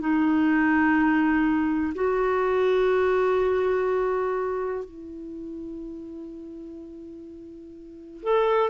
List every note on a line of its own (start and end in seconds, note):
0.00 1.94 D#4
1.95 4.85 F#4
4.85 8.23 E4
8.23 8.70 A4